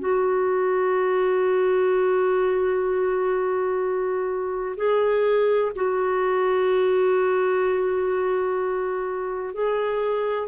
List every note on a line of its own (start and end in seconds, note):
0.00 4.76 F#4
4.77 5.72 G#4
5.76 9.55 F#4
9.55 10.48 G#4